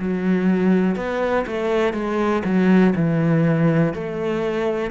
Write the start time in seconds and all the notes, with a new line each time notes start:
0.00 F#3
0.96 B3
1.47 A3
1.94 G#3
2.45 F#3
2.96 E3
3.94 A3